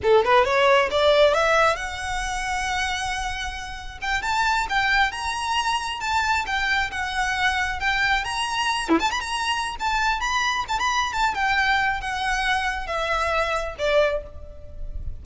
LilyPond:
\new Staff \with { instrumentName = "violin" } { \time 4/4 \tempo 4 = 135 a'8 b'8 cis''4 d''4 e''4 | fis''1~ | fis''4 g''8 a''4 g''4 ais''8~ | ais''4. a''4 g''4 fis''8~ |
fis''4. g''4 ais''4. | e'16 a''16 b''16 ais''4~ ais''16 a''4 b''4 | a''16 b''8. a''8 g''4. fis''4~ | fis''4 e''2 d''4 | }